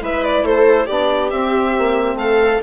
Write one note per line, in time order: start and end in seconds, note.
0.00 0.43 G#3
0.00 0.87 E4
0.00 0.45 B4
0.00 0.24 E5
0.24 0.46 D5
0.43 0.87 A3
0.43 0.86 A4
0.43 0.87 C5
0.86 1.32 B3
0.86 1.31 D4
0.86 2.17 G4
0.86 1.30 D5
1.31 2.62 C4
1.31 1.76 C4
1.31 2.18 E5
1.79 2.15 A#3
2.15 2.59 A3
2.15 2.63 A4
2.15 2.62 F5